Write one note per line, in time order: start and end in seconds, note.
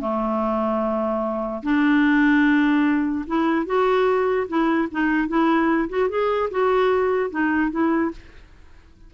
0.00 1.62 A3
1.63 3.25 D4
3.26 3.66 E4
3.66 4.47 F#4
4.48 4.88 E4
4.91 5.28 D#4
5.28 5.89 E4
5.89 6.09 F#4
6.09 6.49 G#4
6.51 7.30 F#4
7.30 7.70 D#4
7.70 8.11 E4